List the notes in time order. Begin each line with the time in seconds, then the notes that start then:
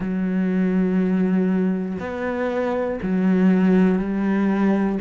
0.00 F#3
1.99 B3
3.02 F#3
3.99 G3